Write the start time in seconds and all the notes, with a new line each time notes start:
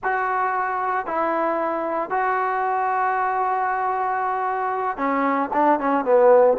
0.03 F#4
1.06 E4
2.10 F#4
4.97 C#4
5.53 D4
5.79 C#4
6.04 B3